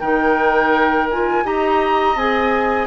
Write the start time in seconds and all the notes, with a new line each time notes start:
0.00 D#3 D#4 A#4 G5
1.11 F4 G#5
1.44 D#4 G4 D#5 A#5
2.15 C4 G#4 G#5